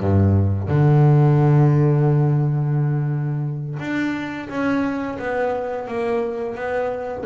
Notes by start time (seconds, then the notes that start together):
0.00 G2
0.68 D3
3.79 D4
4.49 C#4
5.18 B3
5.87 A#3
6.55 B3